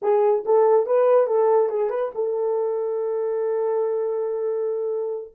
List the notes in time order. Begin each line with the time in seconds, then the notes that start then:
0.02 G#4
0.45 A4
0.85 B4
1.26 A4
1.69 G#4
1.89 B4
2.15 A4